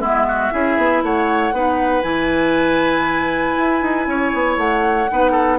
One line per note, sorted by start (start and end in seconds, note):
0.00 0.51 G#3
0.00 0.51 B3
0.00 0.26 E4
0.00 1.03 E5
0.28 0.53 F#4
0.51 0.78 C#4
0.51 1.53 E4
0.51 1.04 G#4
0.78 1.03 B3
1.03 1.52 A3
1.03 1.55 C#5
1.03 2.03 F#5
1.52 2.03 B3
1.52 2.02 D#4
1.52 4.09 B4
2.02 3.56 E3
2.02 5.08 E4
2.02 4.57 G#5
3.58 3.82 E4
3.82 4.07 D#4
4.07 4.32 C#4
4.07 5.11 C#5
4.34 4.57 B3
4.57 5.08 A3
4.57 5.59 F#5
5.11 5.59 B3
5.11 5.59 D#4
5.11 5.32 B4
5.32 5.57 A4